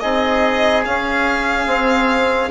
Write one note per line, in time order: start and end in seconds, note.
0.00 0.86 C4
0.00 0.85 D#4
0.00 2.51 G#4
0.00 0.83 D#5
0.85 1.65 C#4
0.85 1.66 C#4
0.85 2.51 F5
1.65 2.49 C4